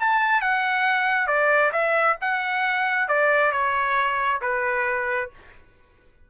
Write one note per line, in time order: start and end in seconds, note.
0.00 0.42 A5
0.42 1.27 F#5
1.27 1.72 D5
1.73 2.17 E5
2.22 3.09 F#5
3.09 3.52 D5
3.52 4.41 C#5
4.42 5.31 B4